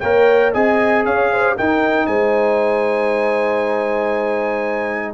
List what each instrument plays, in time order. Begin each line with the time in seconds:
0.00 tuba A#3, trombone A#4, horn C#5, trumpet G5
0.53 tuba C4, trombone G#4, horn D#5, trumpet G#5
1.05 tuba C#4, horn C#5, trumpet F5
1.32 horn C5
1.57 trombone D#4, tuba D#4, horn A#4, trumpet G5
2.07 tuba G#3, horn C5, trumpet G#5